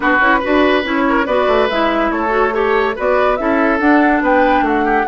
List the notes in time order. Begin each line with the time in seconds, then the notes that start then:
0.00 B3 D4 F#4 B4
0.20 C#4 E4
0.39 F#4 B4
0.45 D4
0.83 C#4 E4 C#5
1.08 A#4
1.26 B3 F#4 B4 D5
1.47 A3
1.69 G#3 E4 E5
2.11 A3 A4 C#5
2.28 F#4
2.53 G4 A4 C#5
2.95 B3 F#4 B4 D5
3.36 C#4 E4 A4 E5
3.79 D4 F#5
4.21 B3 B4 G5
4.61 A3 F#4 F#5
4.84 G4